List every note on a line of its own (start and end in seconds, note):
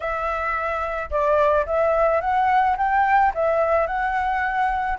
0.00 1.10 E5
1.10 1.65 D5
1.65 2.20 E5
2.20 2.76 F#5
2.77 3.33 G5
3.34 3.87 E5
3.87 4.98 F#5